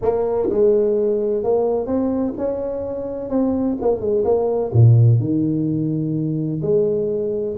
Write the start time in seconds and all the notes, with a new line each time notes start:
0.02 A#3
0.49 G#3
1.43 A#3
1.86 C4
2.37 C#4
3.29 C4
3.81 A#3
4.00 G#3
4.24 A#3
4.72 A#2
5.19 D#3
6.62 G#3